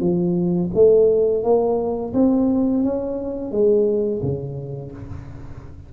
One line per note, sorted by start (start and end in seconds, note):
0.00 0.70 F3
0.74 1.43 A3
1.43 2.12 A#3
2.13 2.83 C4
2.83 3.51 C#4
3.51 4.21 G#3
4.22 4.92 C#3